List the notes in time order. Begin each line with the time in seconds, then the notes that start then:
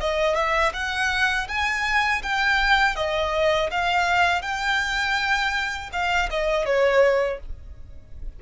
0.00 D#5
0.35 E5
0.73 F#5
1.48 G#5
2.23 G5
2.96 D#5
3.71 F5
4.42 G5
5.93 F5
6.30 D#5
6.65 C#5